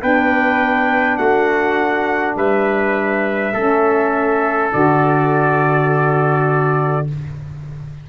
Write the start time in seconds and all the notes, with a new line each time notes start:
0.00 B3 D4 B4 G5
1.17 A3 F#4 F#5
2.36 G3 B4 E5
3.53 A3 C#4 A4
4.72 D3 F#4 D5